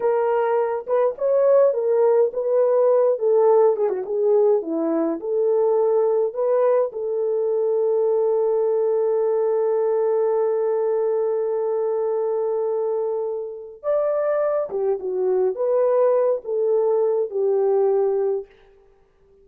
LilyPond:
\new Staff \with { instrumentName = "horn" } { \time 4/4 \tempo 4 = 104 ais'4. b'8 cis''4 ais'4 | b'4. a'4 gis'16 fis'16 gis'4 | e'4 a'2 b'4 | a'1~ |
a'1~ | a'1 | d''4. g'8 fis'4 b'4~ | b'8 a'4. g'2 | }